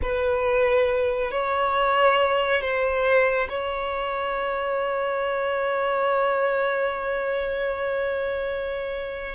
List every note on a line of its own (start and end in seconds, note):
0.02 1.31 B4
1.31 2.61 C#5
2.61 3.48 C5
3.49 9.35 C#5